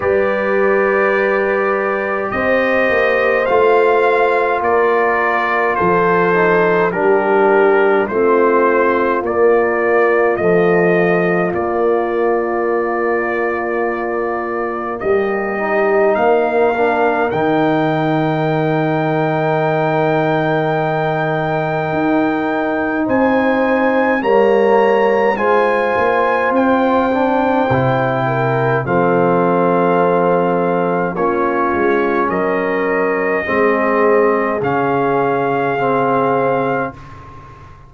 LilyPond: <<
  \new Staff \with { instrumentName = "trumpet" } { \time 4/4 \tempo 4 = 52 d''2 dis''4 f''4 | d''4 c''4 ais'4 c''4 | d''4 dis''4 d''2~ | d''4 dis''4 f''4 g''4~ |
g''1 | gis''4 ais''4 gis''4 g''4~ | g''4 f''2 cis''4 | dis''2 f''2 | }
  \new Staff \with { instrumentName = "horn" } { \time 4/4 b'2 c''2 | ais'4 a'4 g'4 f'4~ | f'1~ | f'4 g'4 ais'2~ |
ais'1 | c''4 cis''4 c''2~ | c''8 ais'8 a'2 f'4 | ais'4 gis'2. | }
  \new Staff \with { instrumentName = "trombone" } { \time 4/4 g'2. f'4~ | f'4. dis'8 d'4 c'4 | ais4 f4 ais2~ | ais4. dis'4 d'8 dis'4~ |
dis'1~ | dis'4 ais4 f'4. d'8 | e'4 c'2 cis'4~ | cis'4 c'4 cis'4 c'4 | }
  \new Staff \with { instrumentName = "tuba" } { \time 4/4 g2 c'8 ais8 a4 | ais4 f4 g4 a4 | ais4 a4 ais2~ | ais4 g4 ais4 dis4~ |
dis2. dis'4 | c'4 g4 gis8 ais8 c'4 | c4 f2 ais8 gis8 | fis4 gis4 cis2 | }
>>